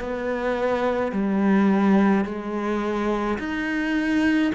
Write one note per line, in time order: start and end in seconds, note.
0.00 1.12 B3
1.12 2.25 G3
2.25 3.38 G#3
3.39 4.52 D#4